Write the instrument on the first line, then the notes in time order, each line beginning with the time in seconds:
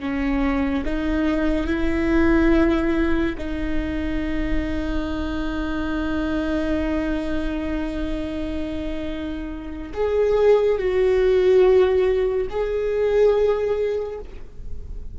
viola
0.00 C#4
0.85 D#4
1.67 E4
3.38 D#4
9.94 G#4
10.79 F#4
12.50 G#4